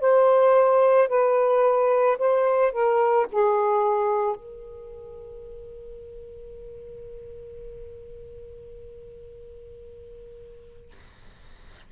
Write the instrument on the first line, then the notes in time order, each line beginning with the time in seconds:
saxophone
0.00 C5
1.08 B4
2.18 C5
2.72 A#4
3.32 G#4
4.36 A#4